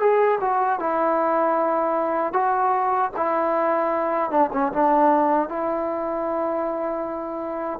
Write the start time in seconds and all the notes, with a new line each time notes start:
0.00 G#4
0.41 F#4
0.79 E4
2.33 F#4
3.17 E4
4.30 D4
4.53 C#4
4.72 D4
5.48 E4